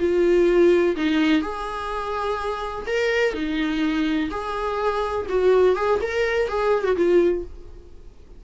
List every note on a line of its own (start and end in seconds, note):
0.00 0.96 F4
0.97 1.42 D#4
1.42 2.86 G#4
2.87 3.34 A#4
3.34 4.30 D#4
4.31 5.27 G#4
5.30 5.76 F#4
5.76 6.00 G#4
6.02 6.49 A#4
6.49 6.84 G#4
6.84 6.96 F#4
6.97 7.45 F4